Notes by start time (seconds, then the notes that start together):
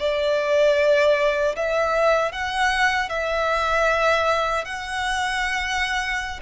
0.00 D5
1.56 E5
2.32 F#5
3.10 E5
4.65 F#5